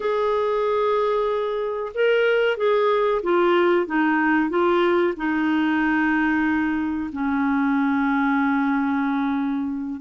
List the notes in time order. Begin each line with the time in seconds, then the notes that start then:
0.00 G#4
1.94 A#4
2.57 G#4
3.22 F4
3.86 D#4
4.49 F4
5.16 D#4
7.12 C#4